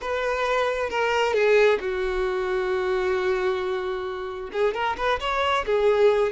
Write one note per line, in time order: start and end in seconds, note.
0.01 0.89 B4
0.89 1.33 A#4
1.33 1.78 G#4
1.79 4.50 F#4
4.52 4.74 G#4
4.74 4.96 A#4
4.97 5.19 B4
5.20 5.65 C#5
5.66 6.32 G#4